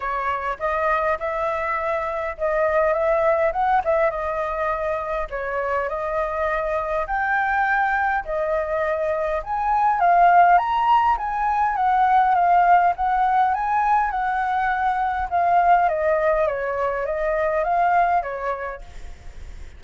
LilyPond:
\new Staff \with { instrumentName = "flute" } { \time 4/4 \tempo 4 = 102 cis''4 dis''4 e''2 | dis''4 e''4 fis''8 e''8 dis''4~ | dis''4 cis''4 dis''2 | g''2 dis''2 |
gis''4 f''4 ais''4 gis''4 | fis''4 f''4 fis''4 gis''4 | fis''2 f''4 dis''4 | cis''4 dis''4 f''4 cis''4 | }